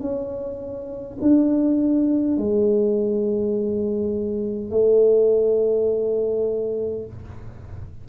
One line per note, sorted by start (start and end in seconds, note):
0.00 1.18 C#4
1.21 2.37 D4
2.37 4.71 G#3
4.71 7.06 A3